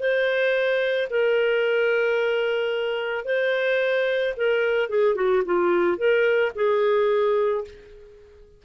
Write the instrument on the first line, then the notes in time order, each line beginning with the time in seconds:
clarinet
0.00 C5
1.11 A#4
3.25 C5
4.37 A#4
4.90 G#4
5.16 F#4
5.46 F4
5.98 A#4
6.56 G#4